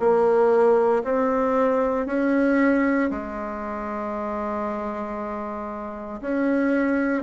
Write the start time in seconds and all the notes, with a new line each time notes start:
0.00 A#3
1.04 C4
2.07 C#4
3.11 G#3
6.22 C#4